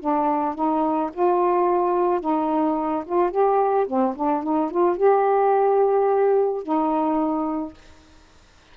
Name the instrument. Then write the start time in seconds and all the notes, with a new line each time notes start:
saxophone
0.00 D4
0.55 D#4
1.14 F4
2.21 D#4
3.06 F4
3.31 G4
3.87 C4
4.16 D4
4.43 D#4
4.71 F4
4.97 G4
6.63 D#4